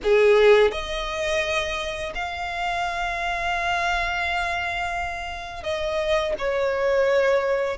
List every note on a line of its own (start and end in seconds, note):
0.03 0.71 G#4
0.71 2.12 D#5
2.14 5.63 F5
5.63 6.33 D#5
6.38 7.77 C#5